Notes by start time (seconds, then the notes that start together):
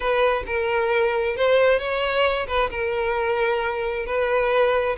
0.00 B4
0.46 A#4
1.36 C5
1.79 C#5
2.47 B4
2.70 A#4
4.05 B4